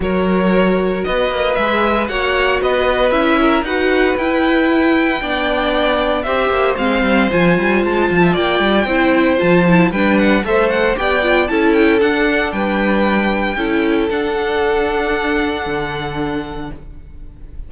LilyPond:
<<
  \new Staff \with { instrumentName = "violin" } { \time 4/4 \tempo 4 = 115 cis''2 dis''4 e''4 | fis''4 dis''4 e''4 fis''4 | g''1 | e''4 f''4 gis''4 a''4 |
g''2 a''4 g''8 fis''8 | e''8 fis''8 g''4 a''8 g''8 fis''4 | g''2. fis''4~ | fis''1 | }
  \new Staff \with { instrumentName = "violin" } { \time 4/4 ais'2 b'2 | cis''4 b'4. ais'8 b'4~ | b'2 d''2 | c''2.~ c''8. e''16 |
d''4 c''2 b'4 | c''4 d''4 a'2 | b'2 a'2~ | a'1 | }
  \new Staff \with { instrumentName = "viola" } { \time 4/4 fis'2. gis'4 | fis'2 e'4 fis'4 | e'2 d'2 | g'4 c'4 f'2~ |
f'4 e'4 f'8 e'8 d'4 | a'4 g'8 f'8 e'4 d'4~ | d'2 e'4 d'4~ | d'1 | }
  \new Staff \with { instrumentName = "cello" } { \time 4/4 fis2 b8 ais8 gis4 | ais4 b4 cis'4 dis'4 | e'2 b2 | c'8 ais8 gis8 g8 f8 g8 gis8 f8 |
ais8 g8 c'4 f4 g4 | a4 b4 cis'4 d'4 | g2 cis'4 d'4~ | d'2 d2 | }
>>